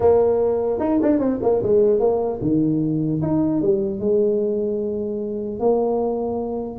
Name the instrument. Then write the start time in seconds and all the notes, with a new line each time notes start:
tuba
0.00 A#3
0.79 D#4
1.02 D4
1.19 C4
1.42 A#3
1.62 G#3
1.99 A#3
2.41 D#3
3.22 D#4
3.61 G3
3.99 G#3
5.59 A#3